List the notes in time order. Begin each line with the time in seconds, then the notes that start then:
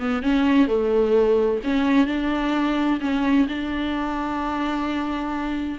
0.00 B3
0.23 C#4
0.68 A3
1.64 C#4
2.07 D4
3.01 C#4
3.49 D4